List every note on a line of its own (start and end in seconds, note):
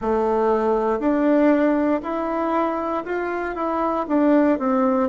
0.00 0.99 A3
0.99 2.01 D4
2.02 3.04 E4
3.05 3.55 F4
3.55 4.06 E4
4.08 4.58 D4
4.58 5.09 C4